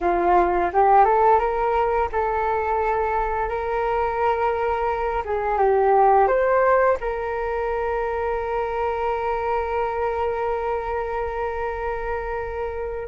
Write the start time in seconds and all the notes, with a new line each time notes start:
0.01 F4
0.72 G4
1.04 A4
1.39 A#4
2.12 A4
3.48 A#4
5.24 G#4
5.58 G4
6.27 C5
7.00 A#4